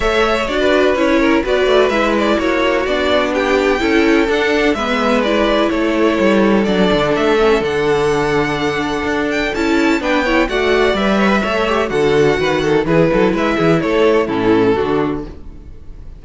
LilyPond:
<<
  \new Staff \with { instrumentName = "violin" } { \time 4/4 \tempo 4 = 126 e''4 d''4 cis''4 d''4 | e''8 d''8 cis''4 d''4 g''4~ | g''4 fis''4 e''4 d''4 | cis''2 d''4 e''4 |
fis''2.~ fis''8 g''8 | a''4 g''4 fis''4 e''4~ | e''4 fis''2 b'4 | e''4 cis''4 a'2 | }
  \new Staff \with { instrumentName = "violin" } { \time 4/4 cis''4~ cis''16 b'4~ b'16 ais'8 b'4~ | b'4 fis'2 g'4 | a'2 b'2 | a'1~ |
a'1~ | a'4 b'8 cis''8 d''4. cis''16 b'16 | cis''4 a'4 b'8 a'8 gis'8 a'8 | b'8 gis'8 a'4 e'4 fis'4 | }
  \new Staff \with { instrumentName = "viola" } { \time 4/4 a'4 fis'4 e'4 fis'4 | e'2 d'2 | e'4 d'4 b4 e'4~ | e'2 d'4. cis'8 |
d'1 | e'4 d'8 e'8 fis'4 b'4 | a'8 g'8 fis'2 e'4~ | e'2 cis'4 d'4 | }
  \new Staff \with { instrumentName = "cello" } { \time 4/4 a4 d'4 cis'4 b8 a8 | gis4 ais4 b2 | cis'4 d'4 gis2 | a4 g4 fis8 d8 a4 |
d2. d'4 | cis'4 b4 a4 g4 | a4 d4 dis4 e8 fis8 | gis8 e8 a4 a,4 d4 | }
>>